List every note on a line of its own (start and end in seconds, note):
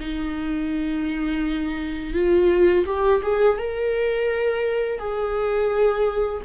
0.00 2.14 D#4
2.14 2.85 F4
2.86 3.22 G4
3.23 3.58 G#4
3.58 4.99 A#4
4.99 6.42 G#4